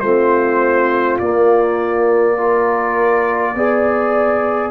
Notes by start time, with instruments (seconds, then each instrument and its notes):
0.00 tuba A3, trombone C4, horn F4, trumpet C5
1.19 trombone A#3, tuba A#3, trumpet D5
2.35 trombone F4, horn A#4
3.55 tuba B3, trombone G#4, horn D5